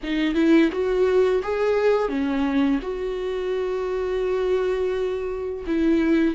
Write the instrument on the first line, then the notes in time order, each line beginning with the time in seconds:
viola
0.03 D#4
0.34 E4
0.72 F#4
1.42 G#4
2.09 C#4
2.82 F#4
5.66 E4